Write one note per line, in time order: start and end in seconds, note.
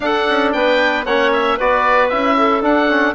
0.00 0.26 D4
0.00 1.06 D4
0.00 0.54 A4
0.00 0.51 F#5
0.29 0.54 C#4
0.52 1.06 B3
0.52 1.05 B4
0.52 1.05 G5
1.05 1.58 A#3
1.05 1.59 C#4
1.05 1.57 C#5
1.05 1.31 F#5
1.32 1.58 E5
1.57 2.12 B3
1.57 2.11 F#4
1.57 2.36 B4
1.57 2.09 D5
2.09 2.62 C#4
2.09 2.61 E4
2.09 2.62 E5
2.37 3.14 A4
2.61 2.87 D4
2.61 3.14 D4
2.61 3.14 F#5
2.88 3.14 C#4